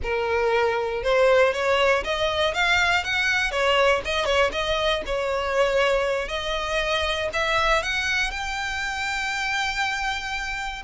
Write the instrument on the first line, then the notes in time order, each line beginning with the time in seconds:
violin
0.02 A#4
1.03 C5
1.53 C#5
2.04 D#5
2.54 F5
3.04 F#5
3.51 C#5
4.05 D#5
4.25 C#5
4.51 D#5
5.06 C#5
6.28 D#5
7.33 E5
7.82 F#5
8.30 G5